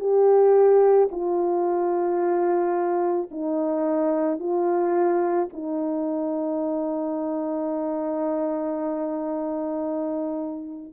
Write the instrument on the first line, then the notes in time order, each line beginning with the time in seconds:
horn
0.00 G4
1.12 F4
3.31 D#4
4.39 F4
5.53 D#4